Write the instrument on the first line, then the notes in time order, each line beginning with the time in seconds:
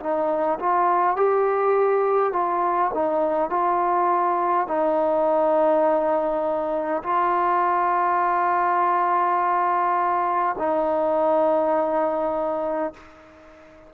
trombone
0.00 D#4
0.60 F4
1.17 G4
2.33 F4
2.95 D#4
3.50 F4
4.68 D#4
7.03 F4
10.58 D#4